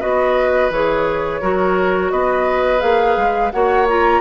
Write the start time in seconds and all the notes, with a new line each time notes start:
0.00 B3 F#4 B4 D#5
0.70 E3 G#4 C#5
1.41 F#3 F#4 A#4
2.11 B3 B4 D#5
2.79 A#3 G#4 F5
3.16 G#3
3.51 A#3 F#4 C#5 F#5
3.88 F4 A#5